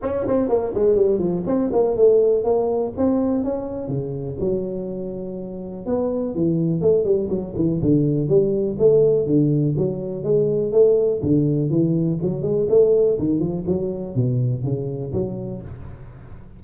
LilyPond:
\new Staff \with { instrumentName = "tuba" } { \time 4/4 \tempo 4 = 123 cis'8 c'8 ais8 gis8 g8 f8 c'8 ais8 | a4 ais4 c'4 cis'4 | cis4 fis2. | b4 e4 a8 g8 fis8 e8 |
d4 g4 a4 d4 | fis4 gis4 a4 d4 | e4 fis8 gis8 a4 dis8 f8 | fis4 b,4 cis4 fis4 | }